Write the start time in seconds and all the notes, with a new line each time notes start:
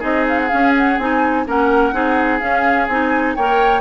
0.00 C4 D#4 G#4 D#5
0.29 F5
0.40 F#5
0.49 C#4 F5
0.78 F#5
0.99 C4 D#4 G#5
1.47 A#3 C#4 A#4 F#5
1.93 C4 D#4 G#4
2.40 C#4 F5
2.88 C4 D#4 G#5
3.36 A#3 A#4 C#5 G5